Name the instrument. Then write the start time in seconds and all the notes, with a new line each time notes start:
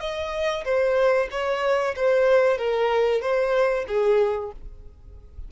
violin
0.00 D#5
0.64 C5
1.31 C#5
1.96 C5
2.57 A#4
3.21 C5
3.88 G#4